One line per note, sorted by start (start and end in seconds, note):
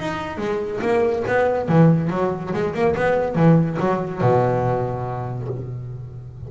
0.00 0.38 D#4
0.38 0.80 G#3
0.81 1.24 A#3
1.28 1.68 B3
1.68 2.10 E3
2.10 2.52 F#3
2.54 2.74 G#3
2.74 2.95 A#3
2.96 3.35 B3
3.35 3.78 E3
3.80 4.22 F#3
4.22 5.48 B2